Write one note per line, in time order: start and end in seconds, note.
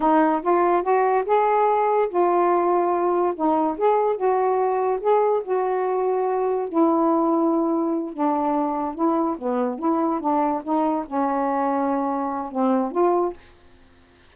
0.00 0.41 D#4
0.42 0.82 F4
0.82 1.24 F#4
1.25 2.08 G#4
2.09 3.34 F4
3.35 3.77 D#4
3.77 4.16 G#4
4.16 4.99 F#4
5.00 5.42 G#4
5.44 6.68 F#4
6.68 8.13 E4
8.13 8.95 D4
8.95 9.36 E4
9.38 9.78 B3
9.78 10.20 E4
10.20 10.62 D4
10.63 11.05 D#4
11.06 12.51 C#4
12.51 12.91 C4
12.91 13.33 F4